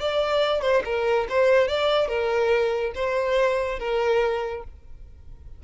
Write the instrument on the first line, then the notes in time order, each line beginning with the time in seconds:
violin
0.00 D5
0.62 C5
0.85 A#4
1.29 C5
1.68 D5
2.08 A#4
2.95 C5
3.79 A#4